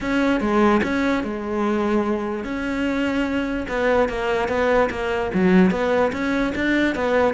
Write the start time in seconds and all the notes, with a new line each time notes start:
0.00 C#4
0.40 G#3
0.83 C#4
1.23 G#3
2.44 C#4
3.68 B3
4.08 A#3
4.48 B3
4.90 A#3
5.34 F#3
5.71 B3
6.12 C#4
6.55 D4
6.95 B3